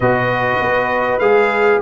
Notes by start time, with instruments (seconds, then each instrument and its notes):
0.00 tuba B2, trombone F#4, horn B4, trumpet D#5
0.60 tuba B3
1.19 tuba G#3, trombone G#4, trumpet F5